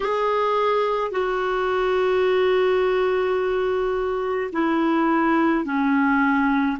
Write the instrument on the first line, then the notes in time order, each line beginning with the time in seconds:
clarinet
0.00 G#4
1.11 F#4
4.52 E4
5.64 C#4